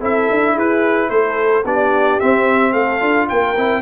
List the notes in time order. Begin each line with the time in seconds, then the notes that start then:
0.00 C4 E4 A4 E5
0.31 D4
0.54 E4 G#4 B4
1.10 A3 A4 C5
1.65 B3 D4 G4 D5
2.20 C4 E5
2.72 A3 A4 F5
3.00 D4 F4
3.29 A#3 A#4 G5
3.57 C4 E4